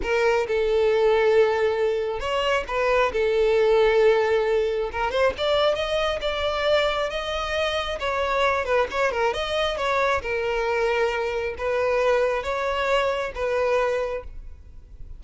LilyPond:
\new Staff \with { instrumentName = "violin" } { \time 4/4 \tempo 4 = 135 ais'4 a'2.~ | a'4 cis''4 b'4 a'4~ | a'2. ais'8 c''8 | d''4 dis''4 d''2 |
dis''2 cis''4. b'8 | cis''8 ais'8 dis''4 cis''4 ais'4~ | ais'2 b'2 | cis''2 b'2 | }